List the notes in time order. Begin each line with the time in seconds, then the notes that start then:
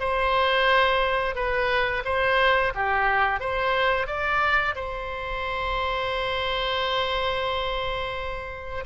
0.00 C5
1.35 B4
2.05 C5
2.75 G4
3.40 C5
4.07 D5
4.76 C5